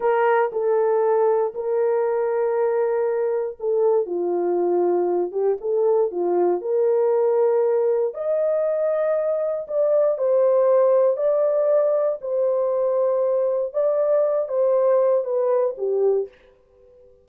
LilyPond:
\new Staff \with { instrumentName = "horn" } { \time 4/4 \tempo 4 = 118 ais'4 a'2 ais'4~ | ais'2. a'4 | f'2~ f'8 g'8 a'4 | f'4 ais'2. |
dis''2. d''4 | c''2 d''2 | c''2. d''4~ | d''8 c''4. b'4 g'4 | }